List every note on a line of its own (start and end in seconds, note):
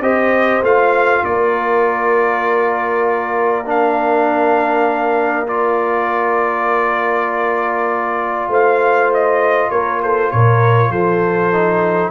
0.00 0.61 C4
0.00 0.62 G4
0.00 1.24 C5
0.00 0.62 D#5
0.61 1.22 A3
0.61 3.65 F4
0.61 1.24 F5
1.24 8.47 A#3
1.24 8.48 A#4
1.24 3.67 D5
3.65 5.46 D4
3.65 5.47 F5
5.47 11.52 F4
5.47 8.51 D5
8.47 9.69 A3
8.47 9.70 C5
8.47 9.13 F5
9.14 9.70 D#5
9.70 10.31 A#3
9.70 10.01 A#4
9.70 10.01 C#5
10.02 10.33 A4
10.02 10.31 C5
10.31 10.89 A#2
10.31 10.91 A#4
10.31 10.91 C#5
10.89 12.10 F3
10.89 12.11 A4
10.89 12.11 C5
11.52 12.11 D#4